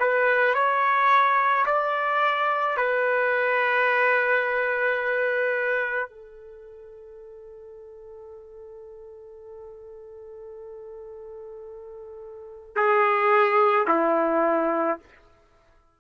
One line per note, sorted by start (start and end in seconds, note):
0.00 0.55 B4
0.55 1.66 C#5
1.66 2.77 D5
2.77 6.11 B4
6.11 12.76 A4
12.76 13.87 G#4
13.88 14.99 E4